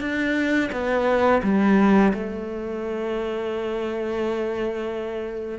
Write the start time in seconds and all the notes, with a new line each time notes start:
0.00 D4
0.72 B3
1.43 G3
2.13 A3